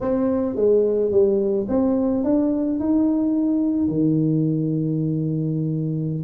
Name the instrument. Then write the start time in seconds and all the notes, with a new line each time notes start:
tuba
0.01 C4
0.55 G#3
1.11 G3
1.68 C4
2.24 D4
2.79 D#4
3.88 D#3